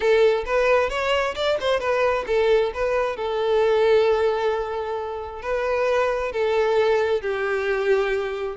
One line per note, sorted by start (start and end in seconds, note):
0.00 0.44 A4
0.45 0.89 B4
0.89 1.35 C#5
1.35 1.57 D5
1.60 1.79 C5
1.79 2.25 B4
2.26 2.71 A4
2.74 3.16 B4
3.16 5.42 A4
5.42 6.32 B4
6.32 7.21 A4
7.21 8.56 G4